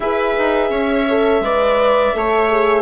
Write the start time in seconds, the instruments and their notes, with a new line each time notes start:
0.00 bassoon E4, horn G#4, viola B4, clarinet E5
0.38 bassoon D#4
0.70 bassoon C#4, viola C#5
1.08 horn A4
1.40 bassoon G#3, horn B4, viola D5
2.14 bassoon A3, horn A4, viola C#5
2.50 horn G#4